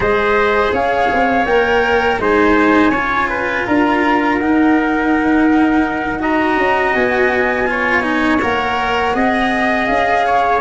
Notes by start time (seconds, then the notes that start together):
0.00 G#3 G#4 C5 D#5
0.71 C#4 C#5 F5
1.12 C4
1.44 A#3 A#4 G5
2.18 G#3 D#4 C5 G#5
2.89 C#4 F4 C#5
3.29 B4
3.65 D4 A#4 A#5
4.39 D#4 F#5
6.19 F#4 D#5 A#5
6.57 C#4
6.93 B3 G#5
7.66 F4 C#5
8.02 D#4
8.41 A#3 A#4 F#5
9.14 C4 G#4 D#5
9.86 C#4 F5
10.25 C#5